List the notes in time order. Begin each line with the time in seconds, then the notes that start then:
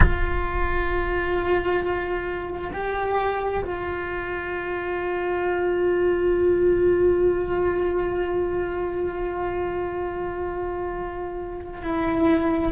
0.00 F4
2.73 G4
3.64 F4
11.82 E4